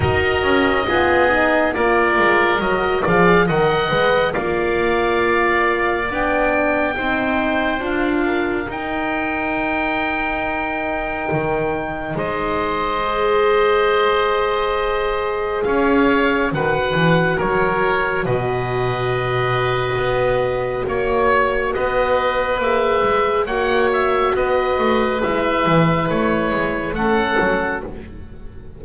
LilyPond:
<<
  \new Staff \with { instrumentName = "oboe" } { \time 4/4 \tempo 4 = 69 dis''2 d''4 dis''8 f''8 | fis''4 f''2 g''4~ | g''4 f''4 g''2~ | g''2 dis''2~ |
dis''2 f''4 fis''4 | cis''4 dis''2. | cis''4 dis''4 e''4 fis''8 e''8 | dis''4 e''4 cis''4 fis''4 | }
  \new Staff \with { instrumentName = "oboe" } { \time 4/4 ais'4 gis'4 ais'4. d''8 | dis''4 d''2. | c''4. ais'2~ ais'8~ | ais'2 c''2~ |
c''2 cis''4 b'4 | ais'4 b'2. | cis''4 b'2 cis''4 | b'2. a'4 | }
  \new Staff \with { instrumentName = "horn" } { \time 4/4 fis'4 f'8 dis'8 f'4 fis'8 gis'8 | ais'8 b'8 f'2 d'4 | dis'4 f'4 dis'2~ | dis'2. gis'4~ |
gis'2. fis'4~ | fis'1~ | fis'2 gis'4 fis'4~ | fis'4 e'2 cis'4 | }
  \new Staff \with { instrumentName = "double bass" } { \time 4/4 dis'8 cis'8 b4 ais8 gis8 fis8 f8 | dis8 gis8 ais2 b4 | c'4 d'4 dis'2~ | dis'4 dis4 gis2~ |
gis2 cis'4 dis8 e8 | fis4 b,2 b4 | ais4 b4 ais8 gis8 ais4 | b8 a8 gis8 e8 a8 gis8 a8 fis8 | }
>>